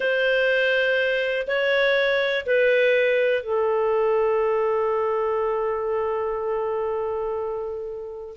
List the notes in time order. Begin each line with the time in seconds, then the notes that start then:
0.00 C5
1.47 C#5
2.45 B4
3.42 A4